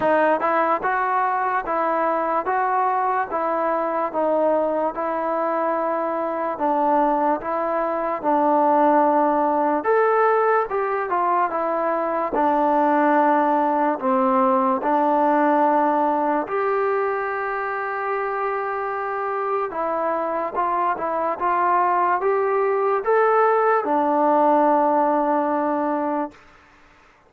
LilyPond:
\new Staff \with { instrumentName = "trombone" } { \time 4/4 \tempo 4 = 73 dis'8 e'8 fis'4 e'4 fis'4 | e'4 dis'4 e'2 | d'4 e'4 d'2 | a'4 g'8 f'8 e'4 d'4~ |
d'4 c'4 d'2 | g'1 | e'4 f'8 e'8 f'4 g'4 | a'4 d'2. | }